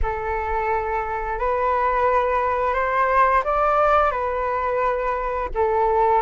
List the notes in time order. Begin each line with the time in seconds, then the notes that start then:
0.02 A4
1.38 B4
2.74 C5
3.44 D5
4.11 B4
5.54 A4